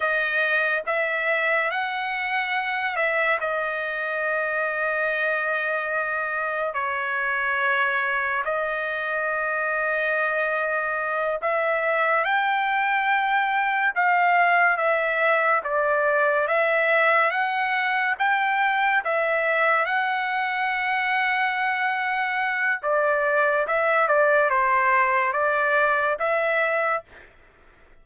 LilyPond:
\new Staff \with { instrumentName = "trumpet" } { \time 4/4 \tempo 4 = 71 dis''4 e''4 fis''4. e''8 | dis''1 | cis''2 dis''2~ | dis''4. e''4 g''4.~ |
g''8 f''4 e''4 d''4 e''8~ | e''8 fis''4 g''4 e''4 fis''8~ | fis''2. d''4 | e''8 d''8 c''4 d''4 e''4 | }